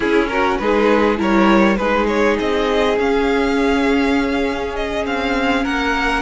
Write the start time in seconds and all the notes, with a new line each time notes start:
0.00 C#4 E4 G#4
0.28 F#4 A#4
0.58 G#3 D#4 G#4 B4
1.17 G3 E4 A#4 C#5
1.76 G#3 D#4 G#4 B4
2.07 C#5
2.39 C4 D#5
2.98 C#4 F5
4.75 D#5
5.05 C4 F5
5.63 A#3 A#4 F#5